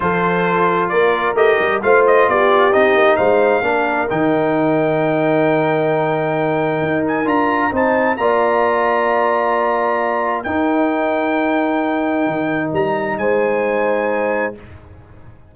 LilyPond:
<<
  \new Staff \with { instrumentName = "trumpet" } { \time 4/4 \tempo 4 = 132 c''2 d''4 dis''4 | f''8 dis''8 d''4 dis''4 f''4~ | f''4 g''2.~ | g''2.~ g''8 gis''8 |
ais''4 a''4 ais''2~ | ais''2. g''4~ | g''1 | ais''4 gis''2. | }
  \new Staff \with { instrumentName = "horn" } { \time 4/4 a'2 ais'2 | c''4 g'2 c''4 | ais'1~ | ais'1~ |
ais'4 c''4 d''2~ | d''2. ais'4~ | ais'1~ | ais'4 c''2. | }
  \new Staff \with { instrumentName = "trombone" } { \time 4/4 f'2. g'4 | f'2 dis'2 | d'4 dis'2.~ | dis'1 |
f'4 dis'4 f'2~ | f'2. dis'4~ | dis'1~ | dis'1 | }
  \new Staff \with { instrumentName = "tuba" } { \time 4/4 f2 ais4 a8 g8 | a4 b4 c'8 ais8 gis4 | ais4 dis2.~ | dis2. dis'4 |
d'4 c'4 ais2~ | ais2. dis'4~ | dis'2. dis4 | g4 gis2. | }
>>